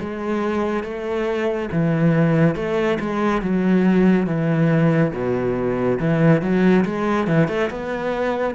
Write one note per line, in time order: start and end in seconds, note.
0.00 0.83 G#3
0.83 1.69 A3
1.72 2.55 E3
2.55 2.98 A3
2.99 3.42 G#3
3.42 4.26 F#3
4.26 5.12 E3
5.13 5.98 B2
5.99 6.41 E3
6.41 6.84 F#3
6.85 7.27 G#3
7.27 7.48 E3
7.48 7.69 A3
7.70 8.54 B3